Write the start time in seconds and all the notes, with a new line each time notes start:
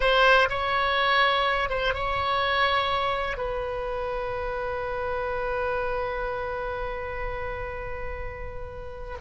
0.00 C5
0.49 C#5
1.69 C5
1.94 C#5
3.37 B4